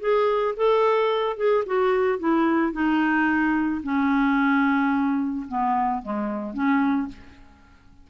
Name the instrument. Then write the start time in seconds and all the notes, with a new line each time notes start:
clarinet
0.00 G#4
0.56 A4
1.37 G#4
1.66 F#4
2.19 E4
2.72 D#4
3.83 C#4
5.48 B3
6.02 G#3
6.53 C#4